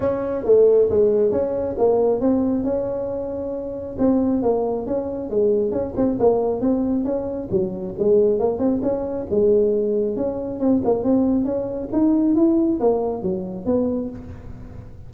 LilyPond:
\new Staff \with { instrumentName = "tuba" } { \time 4/4 \tempo 4 = 136 cis'4 a4 gis4 cis'4 | ais4 c'4 cis'2~ | cis'4 c'4 ais4 cis'4 | gis4 cis'8 c'8 ais4 c'4 |
cis'4 fis4 gis4 ais8 c'8 | cis'4 gis2 cis'4 | c'8 ais8 c'4 cis'4 dis'4 | e'4 ais4 fis4 b4 | }